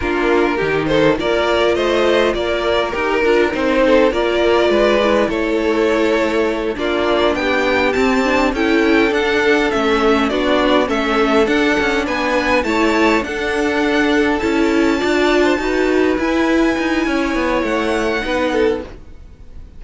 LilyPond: <<
  \new Staff \with { instrumentName = "violin" } { \time 4/4 \tempo 4 = 102 ais'4. c''8 d''4 dis''4 | d''4 ais'4 c''4 d''4~ | d''4 cis''2~ cis''8 d''8~ | d''8 g''4 a''4 g''4 fis''8~ |
fis''8 e''4 d''4 e''4 fis''8~ | fis''8 gis''4 a''4 fis''4.~ | fis''8 a''2. gis''8~ | gis''2 fis''2 | }
  \new Staff \with { instrumentName = "violin" } { \time 4/4 f'4 g'8 a'8 ais'4 c''4 | ais'2~ ais'8 a'8 ais'4 | b'4 a'2~ a'8 f'8~ | f'8 g'2 a'4.~ |
a'4. fis'4 a'4.~ | a'8 b'4 cis''4 a'4.~ | a'4. d''8. c''16 b'4.~ | b'4 cis''2 b'8 a'8 | }
  \new Staff \with { instrumentName = "viola" } { \time 4/4 d'4 dis'4 f'2~ | f'4 g'8 f'8 dis'4 f'4~ | f'8 e'2. d'8~ | d'4. c'8 d'8 e'4 d'8~ |
d'8 cis'4 d'4 cis'4 d'8~ | d'4. e'4 d'4.~ | d'8 e'4 f'4 fis'4 e'8~ | e'2. dis'4 | }
  \new Staff \with { instrumentName = "cello" } { \time 4/4 ais4 dis4 ais4 a4 | ais4 dis'8 d'8 c'4 ais4 | gis4 a2~ a8 ais8~ | ais8 b4 c'4 cis'4 d'8~ |
d'8 a4 b4 a4 d'8 | cis'8 b4 a4 d'4.~ | d'8 cis'4 d'4 dis'4 e'8~ | e'8 dis'8 cis'8 b8 a4 b4 | }
>>